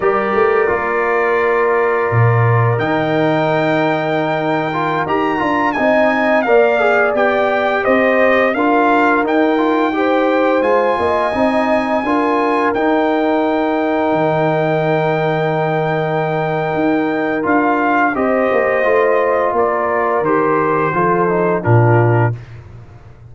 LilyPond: <<
  \new Staff \with { instrumentName = "trumpet" } { \time 4/4 \tempo 4 = 86 d''1 | g''2.~ g''16 ais''8.~ | ais''16 gis''4 f''4 g''4 dis''8.~ | dis''16 f''4 g''2 gis''8.~ |
gis''2~ gis''16 g''4.~ g''16~ | g''1~ | g''4 f''4 dis''2 | d''4 c''2 ais'4 | }
  \new Staff \with { instrumentName = "horn" } { \time 4/4 ais'1~ | ais'1~ | ais'16 dis''4 d''2 c''8.~ | c''16 ais'2 c''4. dis''16~ |
dis''4~ dis''16 ais'2~ ais'8.~ | ais'1~ | ais'2 c''2 | ais'2 a'4 f'4 | }
  \new Staff \with { instrumentName = "trombone" } { \time 4/4 g'4 f'2. | dis'2~ dis'8. f'8 g'8 f'16~ | f'16 dis'4 ais'8 gis'8 g'4.~ g'16~ | g'16 f'4 dis'8 f'8 g'4 f'8.~ |
f'16 dis'4 f'4 dis'4.~ dis'16~ | dis'1~ | dis'4 f'4 g'4 f'4~ | f'4 g'4 f'8 dis'8 d'4 | }
  \new Staff \with { instrumentName = "tuba" } { \time 4/4 g8 a8 ais2 ais,4 | dis2.~ dis16 dis'8 d'16~ | d'16 c'4 ais4 b4 c'8.~ | c'16 d'4 dis'2 gis8 ais16~ |
ais16 c'4 d'4 dis'4.~ dis'16~ | dis'16 dis2.~ dis8. | dis'4 d'4 c'8 ais8 a4 | ais4 dis4 f4 ais,4 | }
>>